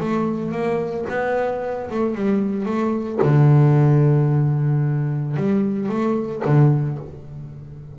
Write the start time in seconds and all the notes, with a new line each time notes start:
0.00 A3
0.52 A#3
1.09 B3
1.90 A3
2.15 G3
2.65 A3
3.22 D3
5.36 G3
5.89 A3
6.45 D3